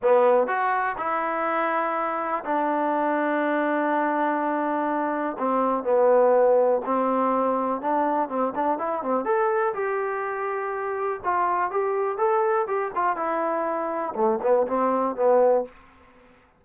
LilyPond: \new Staff \with { instrumentName = "trombone" } { \time 4/4 \tempo 4 = 123 b4 fis'4 e'2~ | e'4 d'2.~ | d'2. c'4 | b2 c'2 |
d'4 c'8 d'8 e'8 c'8 a'4 | g'2. f'4 | g'4 a'4 g'8 f'8 e'4~ | e'4 a8 b8 c'4 b4 | }